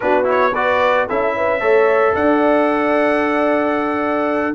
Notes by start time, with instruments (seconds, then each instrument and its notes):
0.00 tuba B3, trombone D4, horn F#4, trumpet B4
0.24 trombone E4, trumpet C#5
0.51 trombone F#4, horn B4, trumpet D5
1.08 tuba C#4, trombone E4, horn A4, trumpet E5
1.36 horn B4
1.59 tuba A3, trombone A4, horn C#5
2.14 tuba D4, horn D5, trumpet F#5